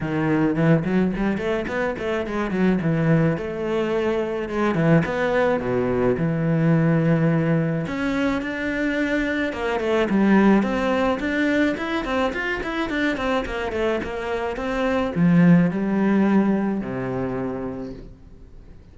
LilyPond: \new Staff \with { instrumentName = "cello" } { \time 4/4 \tempo 4 = 107 dis4 e8 fis8 g8 a8 b8 a8 | gis8 fis8 e4 a2 | gis8 e8 b4 b,4 e4~ | e2 cis'4 d'4~ |
d'4 ais8 a8 g4 c'4 | d'4 e'8 c'8 f'8 e'8 d'8 c'8 | ais8 a8 ais4 c'4 f4 | g2 c2 | }